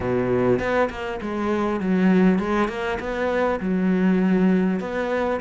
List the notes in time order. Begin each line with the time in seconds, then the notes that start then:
0.00 B2
0.59 B3
0.89 A#3
1.21 G#3
1.80 F#3
2.38 G#3
2.68 A#3
2.99 B3
3.59 F#3
4.80 B3